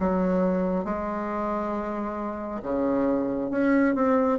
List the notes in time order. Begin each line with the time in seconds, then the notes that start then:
0.00 F#3
0.85 G#3
2.63 C#3
3.51 C#4
3.95 C4